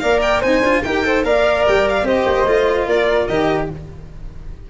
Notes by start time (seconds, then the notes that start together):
0.00 A#3 A#4 D5 F5
0.22 G5
0.41 C4 D#4 C5 G#5
0.61 D4 F4
0.84 D#4 G4 A#4 G5
1.04 A4 C5
1.24 A#3 A#4 D5 F5
1.68 G3 G5
1.89 F5
2.03 C4 G4 C5 D#5
2.27 A#3
2.47 A3 F4
2.87 A#3 A#4 D5
3.28 D#3 G4 D#5